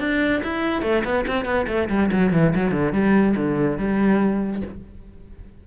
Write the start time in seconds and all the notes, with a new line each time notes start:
0.00 D4
0.44 E4
0.82 A3
1.04 B3
1.27 C4
1.45 B3
1.68 A3
1.90 G3
2.12 F#3
2.33 E3
2.56 F#3
2.72 D3
2.93 G3
3.37 D3
3.78 G3